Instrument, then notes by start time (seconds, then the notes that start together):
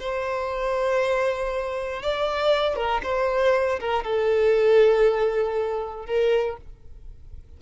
violin
0.00 C5
2.03 D5
2.76 A#4
3.03 C5
3.80 A#4
4.04 A4
6.06 A#4